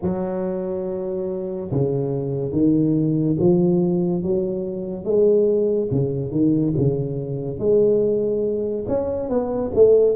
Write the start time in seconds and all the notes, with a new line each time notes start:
0.02 F#3
1.71 C#3
2.52 D#3
3.39 F3
4.23 F#3
5.04 G#3
5.91 C#3
6.31 D#3
6.77 C#3
7.58 G#3
8.88 C#4
9.29 B3
9.75 A3